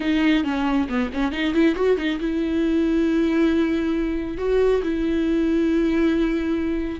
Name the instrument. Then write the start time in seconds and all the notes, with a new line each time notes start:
viola
0.00 D#4
0.44 C#4
0.88 B3
1.13 C#4
1.32 D#4
1.53 E4
1.75 F#4
1.97 D#4
2.20 E4
4.37 F#4
4.83 E4